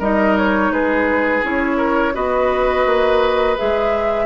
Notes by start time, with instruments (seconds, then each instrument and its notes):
0.00 bassoon G3, clarinet D#4, oboe A#4, flute D#5
0.38 flute C#5
0.71 bassoon G#3, oboe G#4, flute B4
1.43 bassoon C#4, clarinet E4, flute C#5
1.78 oboe A#4
2.14 bassoon B3, clarinet F#4, oboe B4, flute D#5
2.86 bassoon A#3
3.58 bassoon G#3, clarinet G#4, flute E5